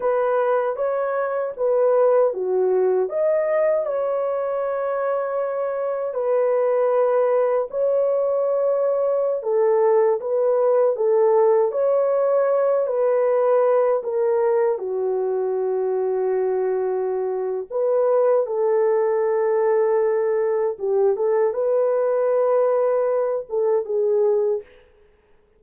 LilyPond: \new Staff \with { instrumentName = "horn" } { \time 4/4 \tempo 4 = 78 b'4 cis''4 b'4 fis'4 | dis''4 cis''2. | b'2 cis''2~ | cis''16 a'4 b'4 a'4 cis''8.~ |
cis''8. b'4. ais'4 fis'8.~ | fis'2. b'4 | a'2. g'8 a'8 | b'2~ b'8 a'8 gis'4 | }